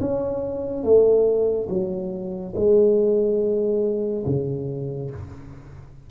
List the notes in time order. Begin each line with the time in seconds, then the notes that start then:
0.00 C#4
0.83 A3
1.69 F#3
2.55 G#3
4.26 C#3